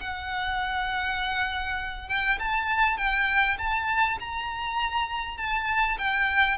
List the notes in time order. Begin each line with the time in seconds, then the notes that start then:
0.00 F#5
2.08 G5
2.39 A5
2.97 G5
3.58 A5
4.19 A#5
5.37 A5
5.98 G5